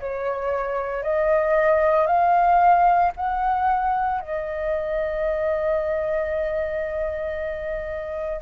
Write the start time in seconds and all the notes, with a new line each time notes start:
0.00 C#5
1.03 D#5
2.07 F5
3.16 F#5
4.21 D#5